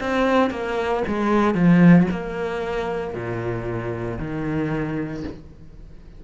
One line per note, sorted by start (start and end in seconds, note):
0.00 0.51 C4
0.51 1.03 A#3
1.08 1.55 G#3
1.55 2.07 F3
2.11 3.14 A#3
3.14 4.18 A#2
4.18 5.23 D#3